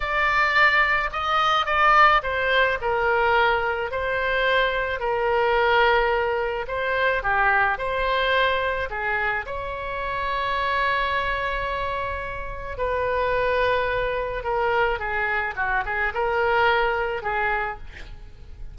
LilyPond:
\new Staff \with { instrumentName = "oboe" } { \time 4/4 \tempo 4 = 108 d''2 dis''4 d''4 | c''4 ais'2 c''4~ | c''4 ais'2. | c''4 g'4 c''2 |
gis'4 cis''2.~ | cis''2. b'4~ | b'2 ais'4 gis'4 | fis'8 gis'8 ais'2 gis'4 | }